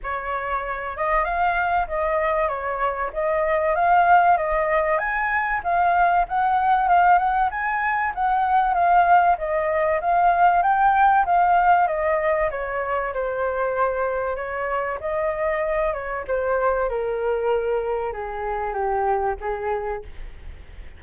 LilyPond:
\new Staff \with { instrumentName = "flute" } { \time 4/4 \tempo 4 = 96 cis''4. dis''8 f''4 dis''4 | cis''4 dis''4 f''4 dis''4 | gis''4 f''4 fis''4 f''8 fis''8 | gis''4 fis''4 f''4 dis''4 |
f''4 g''4 f''4 dis''4 | cis''4 c''2 cis''4 | dis''4. cis''8 c''4 ais'4~ | ais'4 gis'4 g'4 gis'4 | }